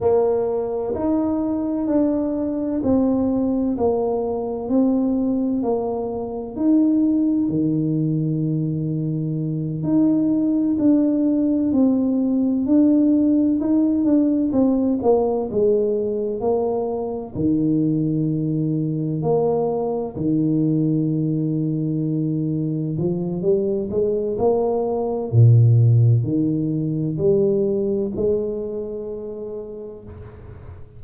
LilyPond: \new Staff \with { instrumentName = "tuba" } { \time 4/4 \tempo 4 = 64 ais4 dis'4 d'4 c'4 | ais4 c'4 ais4 dis'4 | dis2~ dis8 dis'4 d'8~ | d'8 c'4 d'4 dis'8 d'8 c'8 |
ais8 gis4 ais4 dis4.~ | dis8 ais4 dis2~ dis8~ | dis8 f8 g8 gis8 ais4 ais,4 | dis4 g4 gis2 | }